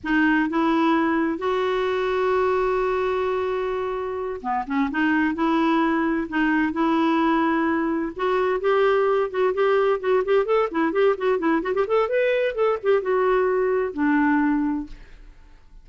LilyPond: \new Staff \with { instrumentName = "clarinet" } { \time 4/4 \tempo 4 = 129 dis'4 e'2 fis'4~ | fis'1~ | fis'4. b8 cis'8 dis'4 e'8~ | e'4. dis'4 e'4.~ |
e'4. fis'4 g'4. | fis'8 g'4 fis'8 g'8 a'8 e'8 g'8 | fis'8 e'8 fis'16 g'16 a'8 b'4 a'8 g'8 | fis'2 d'2 | }